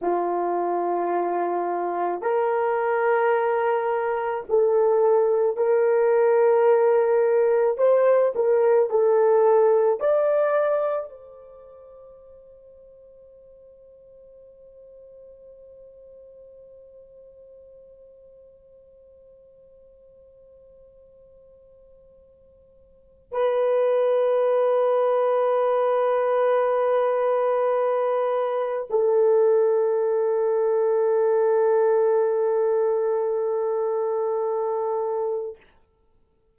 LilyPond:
\new Staff \with { instrumentName = "horn" } { \time 4/4 \tempo 4 = 54 f'2 ais'2 | a'4 ais'2 c''8 ais'8 | a'4 d''4 c''2~ | c''1~ |
c''1~ | c''4 b'2.~ | b'2 a'2~ | a'1 | }